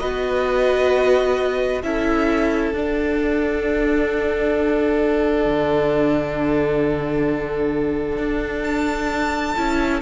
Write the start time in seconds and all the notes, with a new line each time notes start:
0.00 B3 F#4 B4 D#5
1.83 C#4 E4 A4 E5
2.73 D4 F#5
5.46 D3
8.18 D4
8.64 A5
9.56 C#4 E4